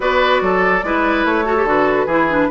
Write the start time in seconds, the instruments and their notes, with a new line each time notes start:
0.00 bassoon B3, clarinet F#4, oboe B4, flute D5
0.41 bassoon F#3, oboe A4
0.83 bassoon G#3, clarinet E4, oboe B4
1.24 bassoon A3, flute C#5
1.44 clarinet F#4, oboe A4
1.56 clarinet G4
1.64 bassoon D3, clarinet F#4, flute B4
2.06 bassoon E3, clarinet E4, oboe G#4
2.29 clarinet D4